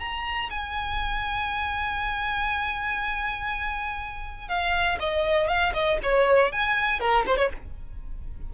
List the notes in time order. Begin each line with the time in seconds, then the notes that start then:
0.00 A#5
0.51 G#5
4.49 F5
5.00 D#5
5.48 F5
5.74 D#5
6.03 C#5
6.52 G#5
7.01 A#4
7.27 C5
7.38 C#5